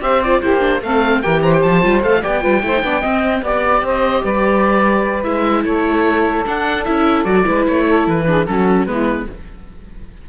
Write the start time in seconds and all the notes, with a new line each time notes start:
0.00 C4 G4 C5 E5
0.22 F4 D5
0.41 A#3 E4 G4 C5
0.60 D4
0.82 A3 C4 A4 F5
1.22 E3 G4 A#4 G5
1.42 C5 A#5
1.54 G5
1.62 F3 A5
1.82 G3 F4
2.02 A3 A4 F5
2.22 B3 G4 D5 G5
2.41 G3 F4 B4
2.63 A3 E4 C5
2.73 D#4
2.83 B3 D4 D5
3.01 C4 D#5
3.42 B3 G4 D5
3.82 C4 C5
3.88 D#5
4.23 G3 B4 D5
5.23 G#3 E4 E5
5.65 A3 A4 C#5
6.46 D4 F#5
6.84 C#4 E4 E5
7.24 F#3 F#4 D5
7.45 G#3 E4 B4
7.67 A3 C#5
7.86 A4
8.07 E3 B4
8.27 D4 G#4
8.46 F#3 C#4 F#4 A4
8.86 G#3 B3 E4 B4